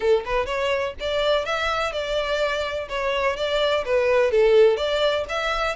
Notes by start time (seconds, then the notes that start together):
0.00 A4
0.25 B4
0.46 C#5
1.00 D5
1.45 E5
1.92 D5
2.88 C#5
3.36 D5
3.85 B4
4.31 A4
4.77 D5
5.28 E5